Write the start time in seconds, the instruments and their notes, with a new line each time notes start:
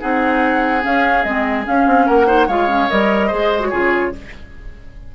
0.00 bassoon C4, clarinet D#4, oboe G#4, flute F#5
0.82 clarinet C#4, bassoon C#4, flute F5
1.23 bassoon G#3, clarinet C4, flute D#5
1.64 clarinet C#4, bassoon C#4, flute F5
1.87 bassoon C4
2.06 bassoon A#3, oboe A#4, flute F#5
2.26 clarinet D#4, oboe C5
2.47 bassoon G#3, clarinet F4, oboe C#5, flute F5
2.68 clarinet C#4
2.90 bassoon G3, clarinet A#4, flute D#5
3.27 bassoon G#3, clarinet G#4, oboe C5
3.60 clarinet F#4, flute C#5
3.70 bassoon C#3, clarinet F4, oboe G#4